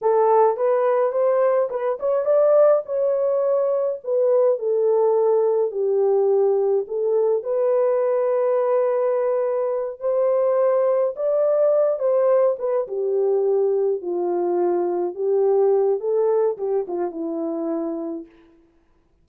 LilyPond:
\new Staff \with { instrumentName = "horn" } { \time 4/4 \tempo 4 = 105 a'4 b'4 c''4 b'8 cis''8 | d''4 cis''2 b'4 | a'2 g'2 | a'4 b'2.~ |
b'4. c''2 d''8~ | d''4 c''4 b'8 g'4.~ | g'8 f'2 g'4. | a'4 g'8 f'8 e'2 | }